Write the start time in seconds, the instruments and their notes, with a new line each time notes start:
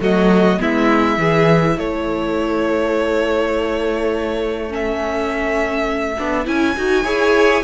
0.00 cello F#3, viola A3, violin F#4 D#5
0.59 cello G#3, viola B3, violin E4 E5
1.17 cello E3, viola E4, violin G#4
1.76 cello A3, violin A4 C#5
4.69 viola C#4, violin E5
6.19 cello B3, viola D4
6.45 cello C#4, viola E4, violin G#5
6.77 cello D#4, viola F#4
7.04 cello E4, viola G#4, violin C#5